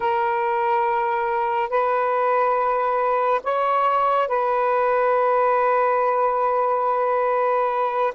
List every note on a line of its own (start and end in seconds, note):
0.00 1.69 A#4
1.69 3.41 B4
3.43 4.28 C#5
4.28 8.14 B4